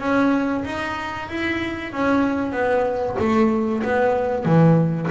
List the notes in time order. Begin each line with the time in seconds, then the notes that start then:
0.00 C#4
0.65 D#4
1.29 E4
1.92 C#4
2.52 B3
3.19 A3
3.83 B3
4.45 E3